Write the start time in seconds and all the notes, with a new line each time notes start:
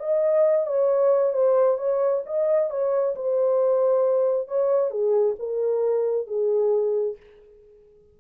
0.00 D#5
0.67 C#5
1.33 C5
1.78 C#5
2.26 D#5
2.71 C#5
3.16 C5
4.48 C#5
4.91 G#4
5.39 A#4
6.27 G#4